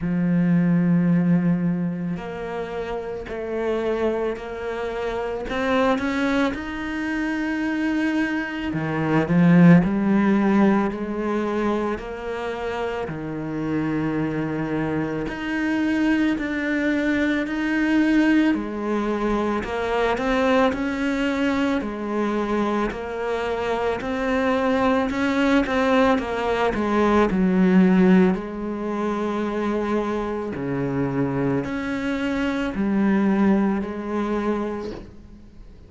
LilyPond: \new Staff \with { instrumentName = "cello" } { \time 4/4 \tempo 4 = 55 f2 ais4 a4 | ais4 c'8 cis'8 dis'2 | dis8 f8 g4 gis4 ais4 | dis2 dis'4 d'4 |
dis'4 gis4 ais8 c'8 cis'4 | gis4 ais4 c'4 cis'8 c'8 | ais8 gis8 fis4 gis2 | cis4 cis'4 g4 gis4 | }